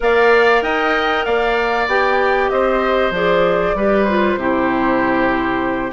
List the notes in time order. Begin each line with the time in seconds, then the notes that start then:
0.00 A#3 A#4 D5 F5
0.62 D#4 D#5 G5
1.24 A#3 D5 F5
1.87 B3 G4 G5
2.49 C4 C5 D#5
3.11 F3 G#4 D5
3.74 G3 G4 B4
4.04 F4 C5
4.35 C3 E4 G4